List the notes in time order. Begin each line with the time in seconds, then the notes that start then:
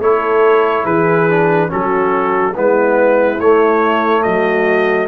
0.00 A3 E4 A4 C#5
0.85 E3 G#4 B4
1.30 D4
1.69 F#3 C#4 F#4 A4
2.55 G#3 B3 E4 B4
3.40 A3 C#5
4.23 F#3 F#4 D#5